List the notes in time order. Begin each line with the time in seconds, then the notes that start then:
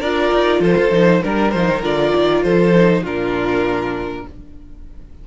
0.00 D4 F4 A#4 D5
0.34 D#4
0.60 F3 A4 C5
0.78 F4
0.91 F3 D#4
1.23 G3 D4 A#4
1.51 F3 D#4 C5
1.68 D#3
1.82 D3 F4 D5
2.16 D#3
2.43 F3 A4 C5
2.74 D#4
3.02 A#2 D4 F4 A#4